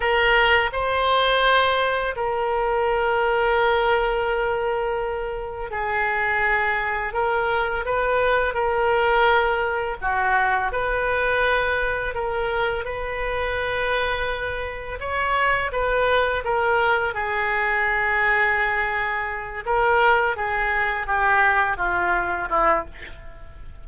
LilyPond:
\new Staff \with { instrumentName = "oboe" } { \time 4/4 \tempo 4 = 84 ais'4 c''2 ais'4~ | ais'1 | gis'2 ais'4 b'4 | ais'2 fis'4 b'4~ |
b'4 ais'4 b'2~ | b'4 cis''4 b'4 ais'4 | gis'2.~ gis'8 ais'8~ | ais'8 gis'4 g'4 f'4 e'8 | }